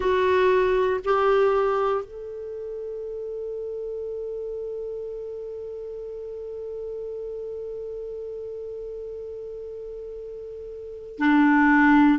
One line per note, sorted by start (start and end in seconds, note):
0.00 1.00 F#4
1.04 2.04 G4
2.04 11.18 A4
11.18 12.18 D4